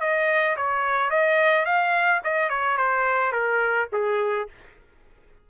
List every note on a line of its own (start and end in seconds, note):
0.00 0.56 D#5
0.56 1.10 C#5
1.10 1.65 D#5
1.65 2.21 F5
2.24 2.49 D#5
2.49 2.77 C#5
2.77 3.32 C5
3.32 3.88 A#4
3.92 4.48 G#4